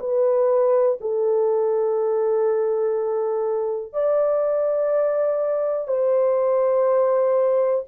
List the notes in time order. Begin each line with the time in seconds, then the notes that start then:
0.00 B4
1.01 A4
3.93 D5
5.88 C5